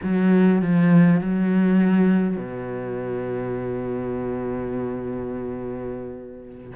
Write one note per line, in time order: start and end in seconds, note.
0.02 0.61 F#3
0.61 1.21 F3
1.21 2.36 F#3
2.36 6.71 B2